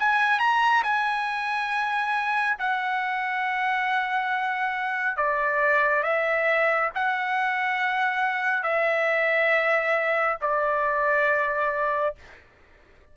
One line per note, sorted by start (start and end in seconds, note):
0.00 0.40 G#5
0.40 0.83 A#5
0.83 2.57 G#5
2.59 5.17 F#5
5.17 6.04 D5
6.04 6.91 E5
6.95 8.64 F#5
8.64 10.38 E5
10.42 12.15 D5